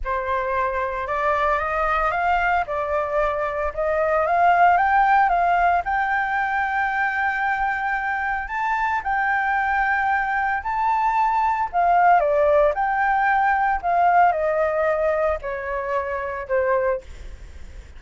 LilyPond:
\new Staff \with { instrumentName = "flute" } { \time 4/4 \tempo 4 = 113 c''2 d''4 dis''4 | f''4 d''2 dis''4 | f''4 g''4 f''4 g''4~ | g''1 |
a''4 g''2. | a''2 f''4 d''4 | g''2 f''4 dis''4~ | dis''4 cis''2 c''4 | }